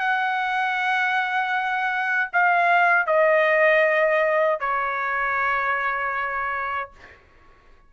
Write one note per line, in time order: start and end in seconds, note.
0.00 2.31 F#5
2.33 3.07 F5
3.07 4.60 D#5
4.60 6.91 C#5